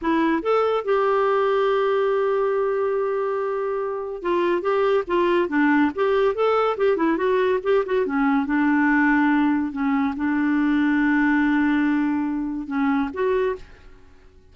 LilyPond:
\new Staff \with { instrumentName = "clarinet" } { \time 4/4 \tempo 4 = 142 e'4 a'4 g'2~ | g'1~ | g'2 f'4 g'4 | f'4 d'4 g'4 a'4 |
g'8 e'8 fis'4 g'8 fis'8 cis'4 | d'2. cis'4 | d'1~ | d'2 cis'4 fis'4 | }